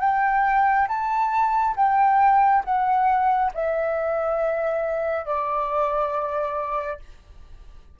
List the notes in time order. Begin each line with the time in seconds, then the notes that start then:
0.00 G5
0.88 A5
1.76 G5
2.64 F#5
3.54 E5
5.25 D5